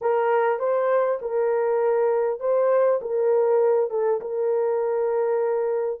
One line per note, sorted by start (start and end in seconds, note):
0.01 0.59 A#4
0.59 1.19 C5
1.21 2.39 A#4
2.39 2.99 C5
3.01 3.90 A#4
3.90 4.20 A4
4.20 6.00 A#4